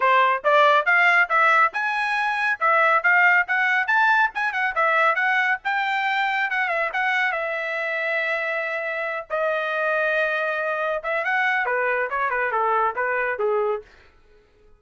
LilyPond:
\new Staff \with { instrumentName = "trumpet" } { \time 4/4 \tempo 4 = 139 c''4 d''4 f''4 e''4 | gis''2 e''4 f''4 | fis''4 a''4 gis''8 fis''8 e''4 | fis''4 g''2 fis''8 e''8 |
fis''4 e''2.~ | e''4. dis''2~ dis''8~ | dis''4. e''8 fis''4 b'4 | cis''8 b'8 a'4 b'4 gis'4 | }